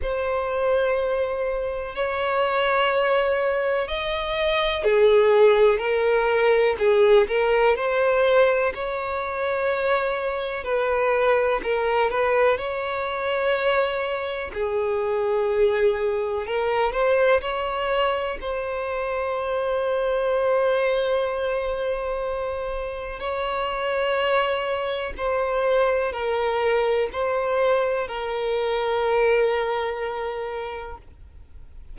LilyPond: \new Staff \with { instrumentName = "violin" } { \time 4/4 \tempo 4 = 62 c''2 cis''2 | dis''4 gis'4 ais'4 gis'8 ais'8 | c''4 cis''2 b'4 | ais'8 b'8 cis''2 gis'4~ |
gis'4 ais'8 c''8 cis''4 c''4~ | c''1 | cis''2 c''4 ais'4 | c''4 ais'2. | }